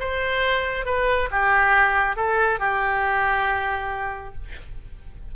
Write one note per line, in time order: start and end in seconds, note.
0.00 0.86 C5
0.86 1.29 B4
1.31 2.16 G4
2.16 2.59 A4
2.59 4.35 G4